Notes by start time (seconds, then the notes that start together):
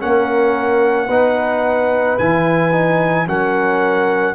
0.00 A#3 C#4 A#4 F#5
1.08 B3 D#4 B4
2.19 E3 E4 G#5
2.72 D#4
3.27 F#3 C#4 A#4 F#5